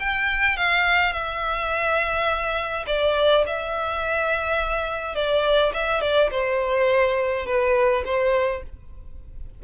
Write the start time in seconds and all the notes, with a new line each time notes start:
0.00 G5
0.57 F5
1.12 E5
2.87 D5
3.47 E5
5.15 D5
5.74 E5
6.01 D5
6.31 C5
7.46 B4
8.05 C5